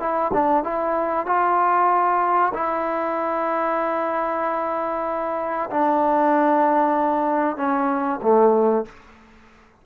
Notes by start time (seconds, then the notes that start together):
0.00 E4
0.34 D4
0.64 E4
1.26 F4
2.54 E4
5.70 D4
7.57 C#4
8.22 A3